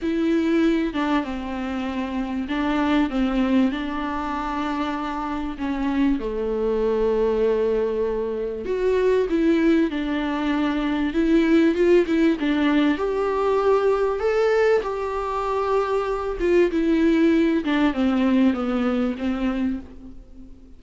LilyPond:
\new Staff \with { instrumentName = "viola" } { \time 4/4 \tempo 4 = 97 e'4. d'8 c'2 | d'4 c'4 d'2~ | d'4 cis'4 a2~ | a2 fis'4 e'4 |
d'2 e'4 f'8 e'8 | d'4 g'2 a'4 | g'2~ g'8 f'8 e'4~ | e'8 d'8 c'4 b4 c'4 | }